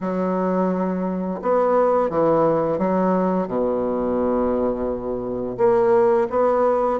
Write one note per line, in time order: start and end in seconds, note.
0.00 1.40 F#3
1.42 2.09 B3
2.09 2.78 E3
2.78 3.47 F#3
3.47 5.57 B2
5.57 6.27 A#3
6.30 6.99 B3